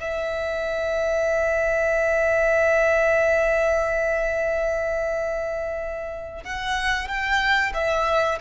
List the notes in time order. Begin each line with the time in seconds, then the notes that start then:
0.00 E5
6.44 F#5
7.08 G5
7.74 E5